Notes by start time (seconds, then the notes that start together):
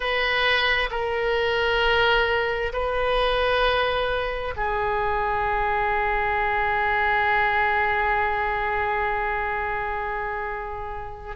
0.00 B4
0.90 A#4
2.72 B4
4.56 G#4